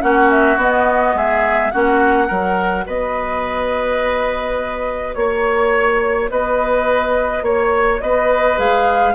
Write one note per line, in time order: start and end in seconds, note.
0.00 0.56 A#3
0.00 0.57 C#4
0.00 1.16 F#4
0.00 0.30 F#5
0.30 0.59 E5
0.56 1.14 B3
0.56 1.72 B3
0.56 1.17 D#5
1.14 1.71 G#3
1.14 1.72 G#4
1.14 1.71 E5
1.71 2.30 A#3
1.71 2.28 C#4
1.71 2.27 F#4
1.71 2.85 F#5
2.27 2.87 F#3
2.27 8.56 F#4
2.27 2.84 A#4
2.86 5.15 B3
2.86 5.15 B4
2.86 5.14 D#5
5.14 6.30 A#3
5.14 6.28 C#5
5.14 6.31 C#5
6.30 7.42 B3
6.30 7.44 B4
6.30 7.45 D#5
7.42 7.99 A#3
7.42 8.01 C#5
8.01 8.58 B3
8.01 9.15 B4
8.01 8.58 D#5
8.57 9.15 G#3
8.57 9.14 G#4
8.57 9.15 F5